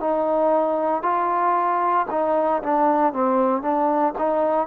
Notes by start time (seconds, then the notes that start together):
0.00 D#4
1.03 F4
2.11 D#4
2.63 D4
3.13 C4
3.62 D4
4.18 D#4